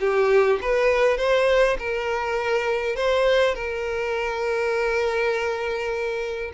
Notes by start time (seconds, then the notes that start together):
0.00 G4
0.61 B4
1.17 C5
1.78 A#4
2.96 C5
3.55 A#4